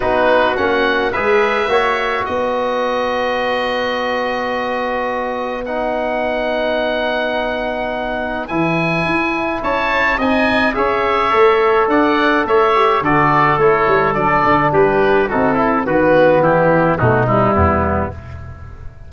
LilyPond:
<<
  \new Staff \with { instrumentName = "oboe" } { \time 4/4 \tempo 4 = 106 b'4 fis''4 e''2 | dis''1~ | dis''2 fis''2~ | fis''2. gis''4~ |
gis''4 a''4 gis''4 e''4~ | e''4 fis''4 e''4 d''4 | cis''4 d''4 b'4 a'4 | b'4 g'4 fis'8 e'4. | }
  \new Staff \with { instrumentName = "trumpet" } { \time 4/4 fis'2 b'4 cis''4 | b'1~ | b'1~ | b'1~ |
b'4 cis''4 dis''4 cis''4~ | cis''4 d''4 cis''4 a'4~ | a'2 g'4 fis'8 e'8 | fis'4 e'4 dis'4 b4 | }
  \new Staff \with { instrumentName = "trombone" } { \time 4/4 dis'4 cis'4 gis'4 fis'4~ | fis'1~ | fis'2 dis'2~ | dis'2. e'4~ |
e'2 dis'4 gis'4 | a'2~ a'8 g'8 fis'4 | e'4 d'2 dis'8 e'8 | b2 a8 g4. | }
  \new Staff \with { instrumentName = "tuba" } { \time 4/4 b4 ais4 gis4 ais4 | b1~ | b1~ | b2. e4 |
e'4 cis'4 c'4 cis'4 | a4 d'4 a4 d4 | a8 g8 fis8 d8 g4 c'4 | dis4 e4 b,4 e,4 | }
>>